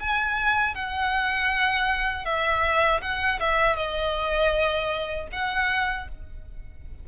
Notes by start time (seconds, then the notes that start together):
0.00 G#5
0.75 F#5
2.25 E5
3.02 F#5
3.40 E5
3.76 D#5
5.32 F#5